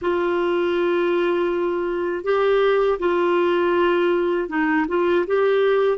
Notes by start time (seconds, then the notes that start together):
0.01 F4
2.23 G4
2.99 F4
4.48 D#4
4.88 F4
5.27 G4